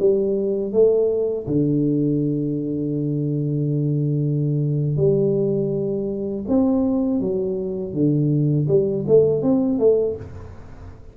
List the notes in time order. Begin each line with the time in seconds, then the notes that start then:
0.00 G3
0.72 A3
1.47 D3
4.97 G3
6.48 C4
7.21 F#3
7.93 D3
8.68 G3
9.08 A3
9.42 C4
9.79 A3